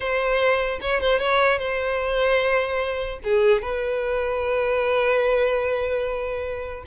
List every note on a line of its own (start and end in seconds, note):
0.00 0.79 C5
0.81 1.00 C#5
1.00 1.19 C5
1.19 1.58 C#5
1.58 3.19 C5
3.24 3.61 G#4
3.61 6.84 B4